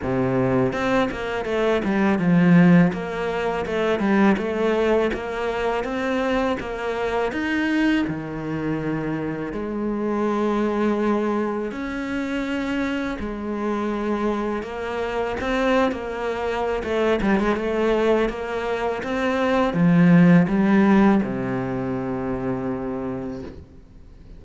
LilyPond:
\new Staff \with { instrumentName = "cello" } { \time 4/4 \tempo 4 = 82 c4 c'8 ais8 a8 g8 f4 | ais4 a8 g8 a4 ais4 | c'4 ais4 dis'4 dis4~ | dis4 gis2. |
cis'2 gis2 | ais4 c'8. ais4~ ais16 a8 g16 gis16 | a4 ais4 c'4 f4 | g4 c2. | }